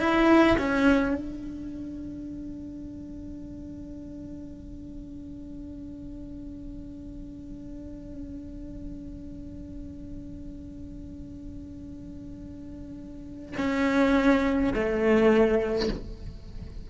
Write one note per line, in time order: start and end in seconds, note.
0.00 0.58 E4
0.59 1.15 C#4
1.15 13.56 D4
13.58 14.74 C#4
14.74 15.89 A3